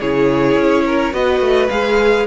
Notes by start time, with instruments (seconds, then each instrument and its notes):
0.00 cello C#3, viola E4, violin G#4 C#5
0.56 cello C#4
0.86 violin A#4
1.12 cello B3, viola F#4, violin B4 D#5
1.40 cello A3
1.70 cello G#3, viola G#4, violin F5